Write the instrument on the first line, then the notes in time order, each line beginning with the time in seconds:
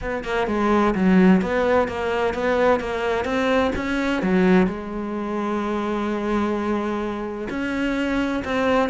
cello
0.01 B3
0.23 A#3
0.47 G#3
0.94 F#3
1.41 B3
1.87 A#3
2.34 B3
2.80 A#3
3.25 C4
3.75 C#4
4.22 F#3
4.66 G#3
7.49 C#4
8.44 C4